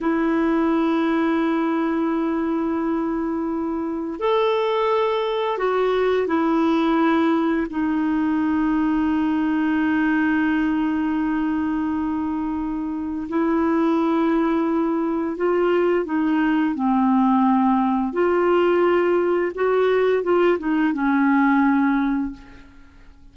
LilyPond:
\new Staff \with { instrumentName = "clarinet" } { \time 4/4 \tempo 4 = 86 e'1~ | e'2 a'2 | fis'4 e'2 dis'4~ | dis'1~ |
dis'2. e'4~ | e'2 f'4 dis'4 | c'2 f'2 | fis'4 f'8 dis'8 cis'2 | }